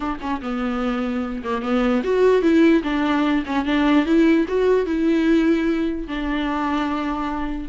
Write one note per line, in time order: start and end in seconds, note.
0.00 0.18 D4
0.20 0.41 C#4
0.41 1.42 B3
1.43 1.62 A#3
1.62 2.02 B3
2.03 2.41 F#4
2.41 2.82 E4
2.83 3.43 D4
3.46 3.65 C#4
3.65 4.05 D4
4.05 4.46 E4
4.48 4.86 F#4
4.86 6.07 E4
6.07 7.68 D4